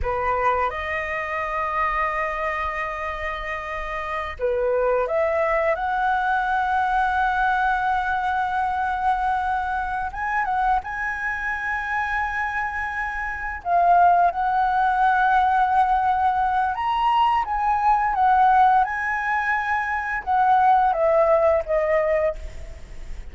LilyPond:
\new Staff \with { instrumentName = "flute" } { \time 4/4 \tempo 4 = 86 b'4 dis''2.~ | dis''2~ dis''16 b'4 e''8.~ | e''16 fis''2.~ fis''8.~ | fis''2~ fis''8 gis''8 fis''8 gis''8~ |
gis''2.~ gis''8 f''8~ | f''8 fis''2.~ fis''8 | ais''4 gis''4 fis''4 gis''4~ | gis''4 fis''4 e''4 dis''4 | }